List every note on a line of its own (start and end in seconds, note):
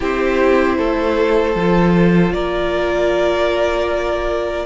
0.00 0.78 C4
0.00 1.56 E4
0.00 0.76 G4
0.00 2.32 C5
0.77 1.55 A3
0.77 2.33 A4
1.55 2.32 F3
1.55 4.66 F4
2.32 4.65 A#3
2.32 4.66 A#4
2.32 4.66 D5